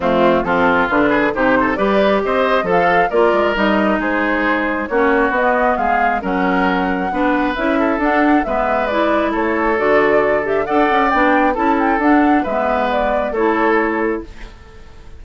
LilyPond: <<
  \new Staff \with { instrumentName = "flute" } { \time 4/4 \tempo 4 = 135 f'4 a'4 b'4 c''4 | d''4 dis''4 f''4 d''4 | dis''4 c''2 cis''4 | dis''4 f''4 fis''2~ |
fis''4 e''4 fis''4 e''4 | d''4 cis''4 d''4. e''8 | fis''4 g''4 a''8 g''8 fis''4 | e''4 d''4 cis''2 | }
  \new Staff \with { instrumentName = "oboe" } { \time 4/4 c'4 f'4. gis'8 g'8 a'8 | b'4 c''4 a'4 ais'4~ | ais'4 gis'2 fis'4~ | fis'4 gis'4 ais'2 |
b'4. a'4. b'4~ | b'4 a'2. | d''2 a'2 | b'2 a'2 | }
  \new Staff \with { instrumentName = "clarinet" } { \time 4/4 a4 c'4 d'4 dis'4 | g'2 a'4 f'4 | dis'2. cis'4 | b2 cis'2 |
d'4 e'4 d'4 b4 | e'2 fis'4. g'8 | a'4 d'4 e'4 d'4 | b2 e'2 | }
  \new Staff \with { instrumentName = "bassoon" } { \time 4/4 f,4 f4 d4 c4 | g4 c'4 f4 ais8 gis8 | g4 gis2 ais4 | b4 gis4 fis2 |
b4 cis'4 d'4 gis4~ | gis4 a4 d2 | d'8 cis'8 b4 cis'4 d'4 | gis2 a2 | }
>>